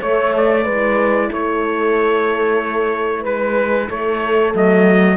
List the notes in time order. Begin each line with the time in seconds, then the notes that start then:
0.00 A3 C#5
0.37 D5
0.64 G#3 E4 B4
1.30 A3 A4 C#5
3.21 G#3 B4
3.89 A3 A4 C#5
4.50 F#3 A3
4.57 D#5